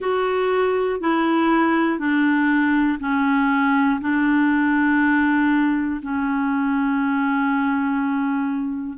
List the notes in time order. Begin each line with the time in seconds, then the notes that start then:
0.00 F#4
1.00 E4
1.99 D4
3.00 C#4
4.00 D4
6.02 C#4